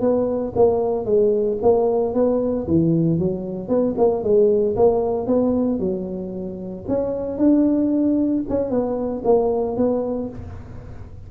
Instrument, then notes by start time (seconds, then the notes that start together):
tuba
0.00 B3
0.55 A#3
1.05 G#3
1.62 A#3
2.14 B3
2.67 E3
3.18 F#3
3.68 B3
3.97 A#3
4.23 G#3
4.76 A#3
5.27 B3
5.79 F#3
6.88 C#4
7.38 D4
8.49 C#4
8.69 B3
9.24 A#3
9.76 B3